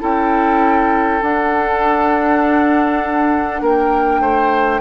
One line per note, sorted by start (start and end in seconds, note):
0.00 1.22 C#4
0.00 1.20 E4
0.00 3.61 A4
0.00 1.23 G5
1.22 3.62 D4
1.22 4.81 D4
1.22 3.63 F#5
3.62 4.20 A#3
3.62 4.21 A#4
3.62 4.81 G5
4.20 4.80 A3
4.20 4.81 C5